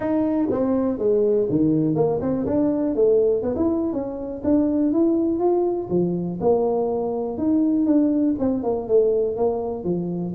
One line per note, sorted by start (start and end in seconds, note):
0.00 0.49 D#4
0.50 0.98 C4
0.98 1.47 G#3
1.49 1.95 D#3
1.95 2.20 A#3
2.21 2.45 C4
2.46 2.95 D4
2.95 3.42 A3
3.42 3.54 B3
3.55 3.92 E4
3.92 4.42 C#4
4.44 4.92 D4
4.92 5.39 E4
5.39 5.88 F4
5.89 6.38 F3
6.40 7.37 A#3
7.37 7.86 D#4
7.86 8.35 D4
8.39 8.63 C4
8.63 8.87 A#3
8.88 9.36 A3
9.36 9.84 A#3
9.84 10.33 F3